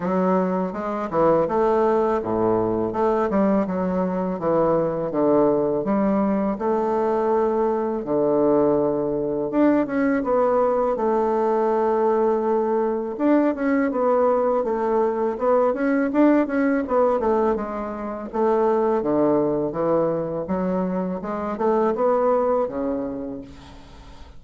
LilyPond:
\new Staff \with { instrumentName = "bassoon" } { \time 4/4 \tempo 4 = 82 fis4 gis8 e8 a4 a,4 | a8 g8 fis4 e4 d4 | g4 a2 d4~ | d4 d'8 cis'8 b4 a4~ |
a2 d'8 cis'8 b4 | a4 b8 cis'8 d'8 cis'8 b8 a8 | gis4 a4 d4 e4 | fis4 gis8 a8 b4 cis4 | }